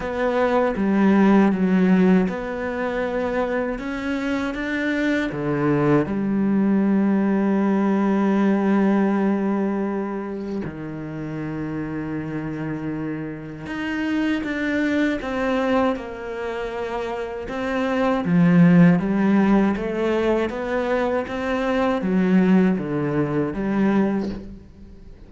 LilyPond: \new Staff \with { instrumentName = "cello" } { \time 4/4 \tempo 4 = 79 b4 g4 fis4 b4~ | b4 cis'4 d'4 d4 | g1~ | g2 dis2~ |
dis2 dis'4 d'4 | c'4 ais2 c'4 | f4 g4 a4 b4 | c'4 fis4 d4 g4 | }